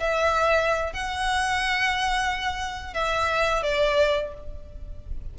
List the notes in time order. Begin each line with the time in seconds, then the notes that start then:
0.00 E5
0.93 F#5
2.94 E5
3.63 D5